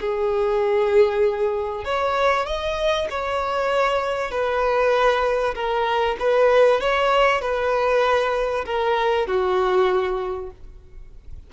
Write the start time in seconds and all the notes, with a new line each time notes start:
0.00 G#4
1.84 C#5
2.46 D#5
3.10 C#5
4.31 B4
5.55 A#4
6.19 B4
6.81 C#5
7.41 B4
8.65 A#4
9.27 F#4